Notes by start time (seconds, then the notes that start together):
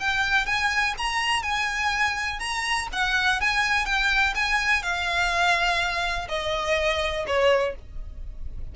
0.00 G5
0.46 G#5
0.98 A#5
1.43 G#5
2.40 A#5
2.93 F#5
3.41 G#5
3.86 G5
4.35 G#5
4.83 F5
6.29 D#5
7.27 C#5